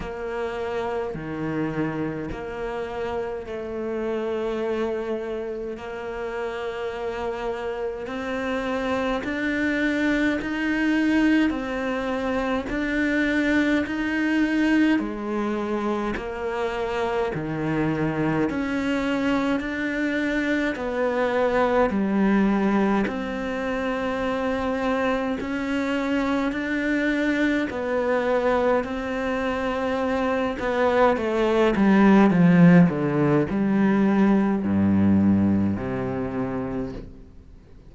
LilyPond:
\new Staff \with { instrumentName = "cello" } { \time 4/4 \tempo 4 = 52 ais4 dis4 ais4 a4~ | a4 ais2 c'4 | d'4 dis'4 c'4 d'4 | dis'4 gis4 ais4 dis4 |
cis'4 d'4 b4 g4 | c'2 cis'4 d'4 | b4 c'4. b8 a8 g8 | f8 d8 g4 g,4 c4 | }